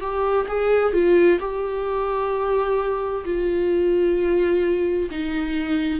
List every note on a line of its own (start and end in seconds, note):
0.00 0.46 G4
0.48 0.93 G#4
0.93 1.39 F4
1.40 3.24 G4
3.25 5.09 F4
5.11 6.00 D#4